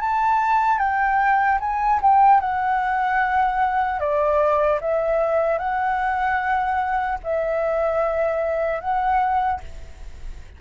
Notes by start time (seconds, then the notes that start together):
0.00 A5
0.78 G5
1.60 G#5
2.01 G5
2.40 F#5
3.99 D5
4.80 E5
5.58 F#5
7.23 E5
8.80 F#5